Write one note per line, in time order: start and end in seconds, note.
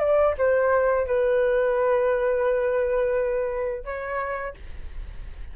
0.00 0.35 D5
0.38 1.07 C5
1.07 3.85 B4
3.85 4.55 C#5